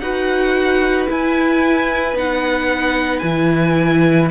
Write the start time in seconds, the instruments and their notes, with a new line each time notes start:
0.00 cello D#4, viola F#4, violin B4 F#5
1.08 viola E4, cello E4, violin G#5
2.14 cello B3, viola D#4, violin F#5
3.19 cello E3, viola E4, violin G#5